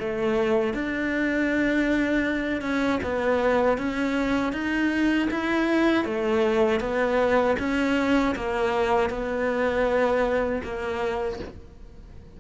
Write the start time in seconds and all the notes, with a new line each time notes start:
0.00 A3
0.74 D4
2.62 C#4
3.03 B3
3.78 C#4
4.53 D#4
5.31 E4
6.06 A3
6.80 B3
7.59 C#4
8.36 A#3
9.10 B3
10.64 A#3